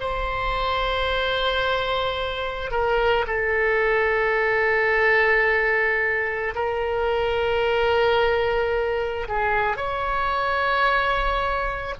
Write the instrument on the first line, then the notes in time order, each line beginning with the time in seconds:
oboe
0.00 C5
2.71 A#4
3.27 A4
6.55 A#4
9.28 G#4
9.76 C#5